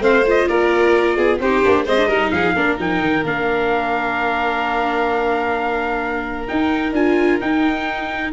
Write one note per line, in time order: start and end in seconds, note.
0.00 0.46 A3
0.00 0.23 C4
0.00 0.48 C5
0.00 0.27 F5
0.26 1.42 F4
0.26 0.47 D#5
0.47 1.17 A#3
0.47 1.16 A#4
0.47 1.40 D5
1.16 1.40 B3
1.16 1.39 G#4
1.40 1.63 C4
1.40 1.63 D#4
1.40 1.85 G4
1.40 1.87 C5
1.63 1.86 A#3
1.63 1.86 D4
1.85 2.08 G#3
1.85 1.97 C4
1.85 2.08 C5
1.85 2.31 D#5
1.97 2.08 D4
2.08 2.31 G3
2.08 2.56 D#4
2.08 2.31 A#4
2.31 2.55 F3
2.31 2.55 G#4
2.31 2.77 F5
2.55 2.79 A#3
2.55 2.78 D4
2.55 8.32 A#4
2.78 3.01 F3
2.78 3.24 D#4
2.78 3.26 G5
3.01 3.24 D#3
3.24 6.47 A#3
3.24 6.48 D4
3.24 6.48 F5
6.48 6.94 D#4
6.48 6.92 D#4
6.48 6.94 G5
6.92 7.39 D4
6.92 7.41 F4
6.92 7.40 G#5
7.41 8.32 D#4
7.41 8.32 G5